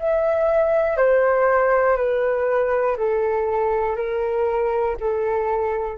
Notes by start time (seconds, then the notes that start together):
0.00 E5
0.98 C5
1.97 B4
2.97 A4
3.97 A#4
5.00 A4